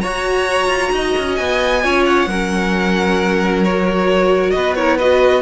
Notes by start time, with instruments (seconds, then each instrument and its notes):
0.00 cello F#4, viola F#4, violin C#5 A#5
0.68 cello F4
0.92 cello D#4, violin D#5
1.18 cello C#4
1.36 cello B3, violin G#5
1.83 cello C#4, viola F4, violin C#5
2.06 violin F#5
2.27 cello F#3, viola C#4, violin A#4
3.64 viola F#4, violin C#5
4.51 cello B3, violin B4 D#5
4.75 viola E4, violin A#4 C#5
4.97 viola F#4, violin B4 D#5